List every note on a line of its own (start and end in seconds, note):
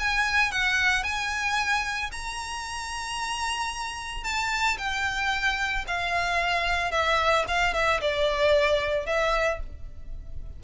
0.00 0.52 G#5
0.52 1.04 F#5
1.04 2.11 G#5
2.12 4.24 A#5
4.24 4.78 A5
4.78 5.86 G5
5.88 6.92 F5
6.92 7.45 E5
7.48 7.74 F5
7.74 8.01 E5
8.01 9.07 D5
9.07 9.60 E5